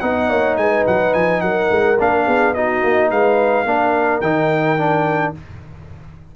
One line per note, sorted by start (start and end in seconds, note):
0.00 0.30 B3
0.00 1.97 D#4
0.00 0.30 D#5
0.00 0.56 F#5
0.30 0.57 A#3
0.30 0.58 C#5
0.57 0.85 G#3
0.57 1.42 B4
0.57 0.85 G#5
0.87 1.15 F#3
0.87 1.13 F#5
1.13 1.42 F3
1.13 1.41 G#5
1.41 1.70 F#3
1.41 2.26 A#4
1.41 1.97 F#5
1.70 1.98 G#3
1.99 2.27 A#3
1.99 2.55 D4
1.99 2.54 F5
2.26 2.83 B3
2.26 2.54 G#4
2.54 3.66 D#4
2.54 3.10 F#4
2.54 3.10 D#5
2.83 3.11 A#3
3.10 3.65 G#3
3.10 3.66 B4
3.10 4.21 F5
3.65 4.21 A#3
3.65 4.22 D4
3.65 5.36 A#4
4.21 5.33 D#3
4.21 4.78 D#4
4.21 5.33 G5
4.78 5.34 D4